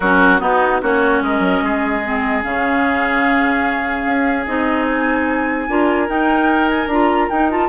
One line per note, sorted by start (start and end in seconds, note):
0.00 0.40 F#3
0.00 0.38 C#4
0.00 0.40 F#4
0.00 0.40 A#4
0.38 0.79 B3
0.38 0.81 B3
0.38 0.81 D#4
0.38 0.81 F#4
0.82 1.21 A#3
0.82 2.03 C#4
0.82 1.23 F#4
0.82 1.22 C#5
1.21 1.39 G#3
1.21 1.63 A#4
1.21 2.43 D#5
1.39 1.59 F#3
1.62 2.43 G#3
1.62 5.69 G#4
2.04 2.42 C4
2.42 4.05 C#3
2.42 4.45 C#4
2.42 4.46 F5
4.05 4.46 C#4
4.46 5.68 C4
4.46 5.68 D#4
4.46 4.86 D#5
4.91 6.09 G#5
5.68 6.08 D4
5.68 6.07 F4
5.68 7.68 A#4
6.07 6.88 D#4
6.07 6.86 D#4
6.07 6.68 G5
6.68 6.88 G#5
6.86 7.27 D4
6.86 7.31 F4
6.86 7.29 A#5
7.29 7.68 D#4
7.29 7.50 D#4
7.29 7.49 G5
7.50 7.68 F4
7.50 7.68 A5